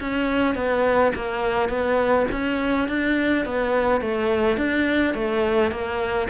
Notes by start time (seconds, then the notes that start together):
0.00 C#4
0.55 B3
1.15 A#3
1.69 B3
2.31 C#4
2.88 D4
3.45 B3
4.01 A3
4.57 D4
5.14 A3
5.71 A#3